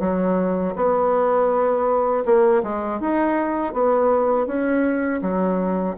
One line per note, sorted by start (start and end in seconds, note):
0.00 0.74 F#3
0.76 2.24 B3
2.25 2.62 A#3
2.63 3.00 G#3
3.00 3.73 D#4
3.73 4.46 B3
4.46 5.21 C#4
5.22 5.96 F#3